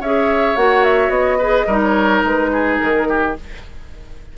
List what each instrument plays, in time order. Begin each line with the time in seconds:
0.00 bassoon C#4, clarinet G#4, oboe C#5, flute E5
0.56 bassoon A#3, clarinet F#4, flute F#5
0.84 flute E5
1.09 bassoon B3, flute D#5
1.38 clarinet G#4, oboe B4
1.67 bassoon G3, clarinet D#4, oboe A#4
1.82 flute C#5
2.24 bassoon G#3, flute B4
2.53 oboe G#4
2.78 bassoon D#3, flute A#4
3.09 oboe G4